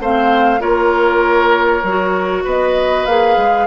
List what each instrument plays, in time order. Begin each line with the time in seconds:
0.00 bassoon A3, clarinet C4, oboe C5, flute F5
0.60 bassoon A#3, clarinet F4, oboe A#4, flute C#5
1.83 bassoon F#3, clarinet F#4
2.45 bassoon B3, oboe B4, flute D#5
3.06 bassoon A#3, clarinet G#4, flute F5
3.37 bassoon G#3